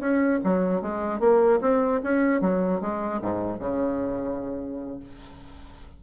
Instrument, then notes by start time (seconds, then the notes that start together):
bassoon
0.00 C#4
0.44 F#3
0.82 G#3
1.20 A#3
1.61 C4
2.03 C#4
2.41 F#3
2.81 G#3
3.22 G#2
3.60 C#3